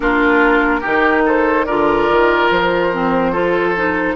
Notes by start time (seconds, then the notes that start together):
0.00 A#3 D4 F4 A#4
0.80 D#3 D#4 G4
1.25 A4 C5
1.65 D3 F4 A#4 D5
2.10 D#3
2.50 F3 C5
2.92 C4
3.32 F4 A4
3.76 D#4